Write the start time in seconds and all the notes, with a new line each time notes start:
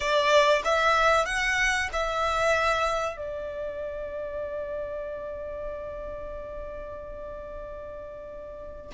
0.00 D5
0.64 E5
1.25 F#5
1.93 E5
3.17 D5